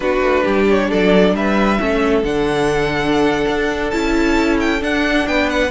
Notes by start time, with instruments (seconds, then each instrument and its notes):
0.00 cello B3, viola D4, violin F#4 B4
0.21 cello A3
0.43 cello G3, violin G4
0.69 violin C#5
0.89 cello F#3, violin A4 D5
1.34 cello G3, violin B4 E5
1.78 cello A3, viola C#4, violin A4
2.22 cello D3, viola D4, violin F#5
3.47 cello D4
3.90 cello C#4, viola E4, violin A5
4.59 violin G5
4.80 viola D4, cello D4, violin F#5
5.27 cello B3, violin B4 G5
5.49 violin F#5